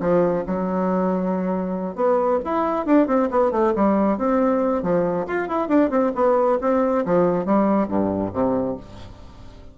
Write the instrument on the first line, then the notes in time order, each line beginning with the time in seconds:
bassoon
0.00 F3
0.46 F#3
1.95 B3
2.44 E4
2.85 D4
3.07 C4
3.30 B3
3.51 A3
3.75 G3
4.18 C4
4.82 F3
5.27 F4
5.48 E4
5.68 D4
5.90 C4
6.15 B3
6.61 C4
7.05 F3
7.45 G3
7.88 G2
8.33 C3